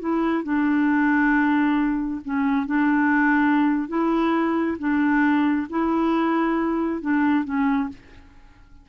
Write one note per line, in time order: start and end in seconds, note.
0.00 0.44 E4
0.44 2.21 D4
2.25 2.66 C#4
2.66 3.89 D4
3.89 4.78 E4
4.79 5.68 D4
5.70 7.02 E4
7.02 7.45 D4
7.45 7.89 C#4